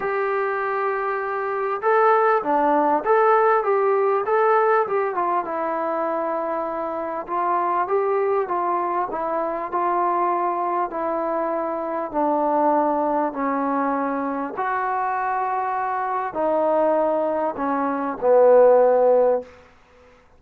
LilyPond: \new Staff \with { instrumentName = "trombone" } { \time 4/4 \tempo 4 = 99 g'2. a'4 | d'4 a'4 g'4 a'4 | g'8 f'8 e'2. | f'4 g'4 f'4 e'4 |
f'2 e'2 | d'2 cis'2 | fis'2. dis'4~ | dis'4 cis'4 b2 | }